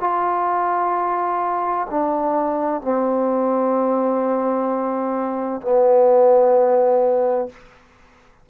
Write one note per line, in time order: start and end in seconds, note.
0.00 1.87 F4
1.90 2.82 D4
2.82 5.62 C4
5.62 7.49 B3